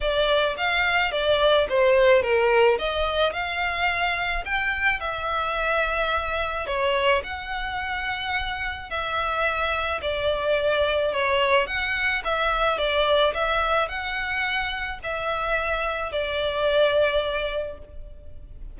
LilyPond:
\new Staff \with { instrumentName = "violin" } { \time 4/4 \tempo 4 = 108 d''4 f''4 d''4 c''4 | ais'4 dis''4 f''2 | g''4 e''2. | cis''4 fis''2. |
e''2 d''2 | cis''4 fis''4 e''4 d''4 | e''4 fis''2 e''4~ | e''4 d''2. | }